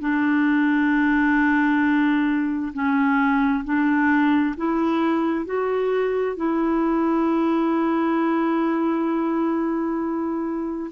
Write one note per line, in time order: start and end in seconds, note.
0.00 2.73 D4
2.74 3.64 C#4
3.65 4.56 D4
4.57 5.45 E4
5.45 6.36 F#4
6.36 10.91 E4